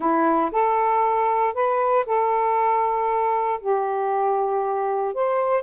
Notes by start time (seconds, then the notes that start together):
0.00 E4
0.51 A4
1.54 B4
2.06 A4
3.60 G4
5.14 C5